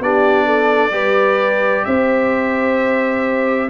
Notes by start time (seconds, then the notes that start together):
0.00 B3 D4 G4 D5
0.46 A4
0.91 G3 G4 B4
1.85 C4 C5 E5